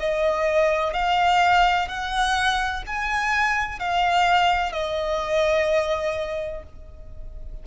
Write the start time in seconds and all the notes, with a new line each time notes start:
0.00 D#5
0.94 F5
1.88 F#5
2.87 G#5
3.79 F5
4.72 D#5